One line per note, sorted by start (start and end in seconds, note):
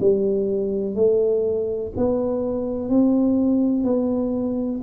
0.00 0.95 G3
0.95 1.92 A3
1.97 2.89 B3
2.89 3.84 C4
3.84 4.81 B3